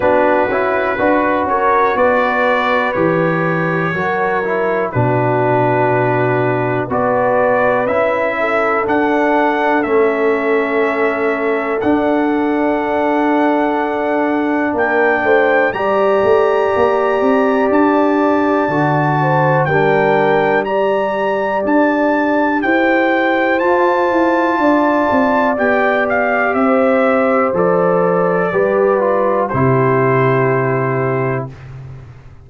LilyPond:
<<
  \new Staff \with { instrumentName = "trumpet" } { \time 4/4 \tempo 4 = 61 b'4. cis''8 d''4 cis''4~ | cis''4 b'2 d''4 | e''4 fis''4 e''2 | fis''2. g''4 |
ais''2 a''2 | g''4 ais''4 a''4 g''4 | a''2 g''8 f''8 e''4 | d''2 c''2 | }
  \new Staff \with { instrumentName = "horn" } { \time 4/4 fis'4 b'8 ais'8 b'2 | ais'4 fis'2 b'4~ | b'8 a'2.~ a'8~ | a'2. ais'8 c''8 |
d''2.~ d''8 c''8 | ais'4 d''2 c''4~ | c''4 d''2 c''4~ | c''4 b'4 g'2 | }
  \new Staff \with { instrumentName = "trombone" } { \time 4/4 d'8 e'8 fis'2 g'4 | fis'8 e'8 d'2 fis'4 | e'4 d'4 cis'2 | d'1 |
g'2. fis'4 | d'4 g'2. | f'2 g'2 | a'4 g'8 f'8 e'2 | }
  \new Staff \with { instrumentName = "tuba" } { \time 4/4 b8 cis'8 d'8 cis'8 b4 e4 | fis4 b,2 b4 | cis'4 d'4 a2 | d'2. ais8 a8 |
g8 a8 ais8 c'8 d'4 d4 | g2 d'4 e'4 | f'8 e'8 d'8 c'8 b4 c'4 | f4 g4 c2 | }
>>